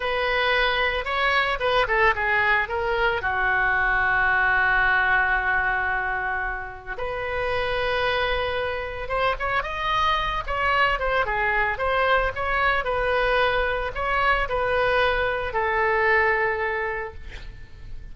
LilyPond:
\new Staff \with { instrumentName = "oboe" } { \time 4/4 \tempo 4 = 112 b'2 cis''4 b'8 a'8 | gis'4 ais'4 fis'2~ | fis'1~ | fis'4 b'2.~ |
b'4 c''8 cis''8 dis''4. cis''8~ | cis''8 c''8 gis'4 c''4 cis''4 | b'2 cis''4 b'4~ | b'4 a'2. | }